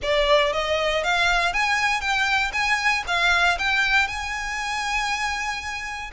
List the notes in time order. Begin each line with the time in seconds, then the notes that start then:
0.02 D5
0.52 D#5
1.03 F5
1.53 G#5
2.01 G5
2.53 G#5
3.07 F5
3.58 G5
4.07 G#5